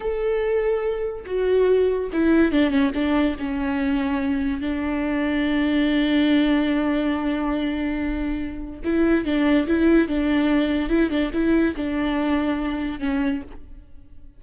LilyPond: \new Staff \with { instrumentName = "viola" } { \time 4/4 \tempo 4 = 143 a'2. fis'4~ | fis'4 e'4 d'8 cis'8 d'4 | cis'2. d'4~ | d'1~ |
d'1~ | d'4 e'4 d'4 e'4 | d'2 e'8 d'8 e'4 | d'2. cis'4 | }